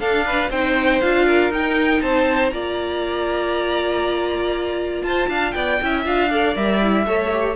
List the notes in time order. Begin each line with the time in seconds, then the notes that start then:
0.00 D4 A4 F5
0.26 B4
0.50 C4 D#4 C5 G5
1.01 D4 F4 F5
1.26 A#4
1.51 D#4 G5
2.02 C4 C5 A5
2.50 A#3 F4 D5 A#5
5.03 F4 C5 A5
5.29 D4 F5
5.52 B3 D5 G5
5.82 C#4 E4 E5
6.05 D4 F4 F5
6.30 A4 D5
6.56 G3 A#4 E5
6.82 E4
7.06 A3 A4 C#5
7.33 G4